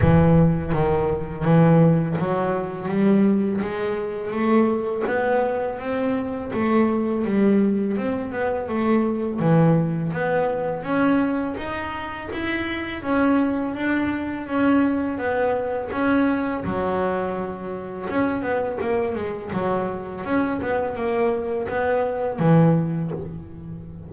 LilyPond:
\new Staff \with { instrumentName = "double bass" } { \time 4/4 \tempo 4 = 83 e4 dis4 e4 fis4 | g4 gis4 a4 b4 | c'4 a4 g4 c'8 b8 | a4 e4 b4 cis'4 |
dis'4 e'4 cis'4 d'4 | cis'4 b4 cis'4 fis4~ | fis4 cis'8 b8 ais8 gis8 fis4 | cis'8 b8 ais4 b4 e4 | }